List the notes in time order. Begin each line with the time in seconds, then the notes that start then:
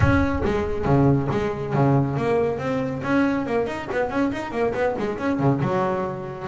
0.00 C#4
0.44 G#3
0.85 C#3
1.31 G#3
1.73 C#3
2.16 A#3
2.58 C4
3.03 C#4
3.46 A#3
3.67 D#4
3.91 B3
4.09 C#4
4.32 D#4
4.51 A#3
4.73 B3
4.98 G#3
5.18 C#4
5.39 C#3
5.61 F#3